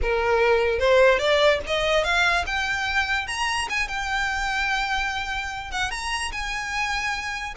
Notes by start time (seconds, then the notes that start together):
0.02 A#4
0.79 C5
1.18 D5
1.66 D#5
2.04 F5
2.46 G5
3.27 A#5
3.69 G#5
3.87 G5
5.71 F#5
5.90 A#5
6.32 G#5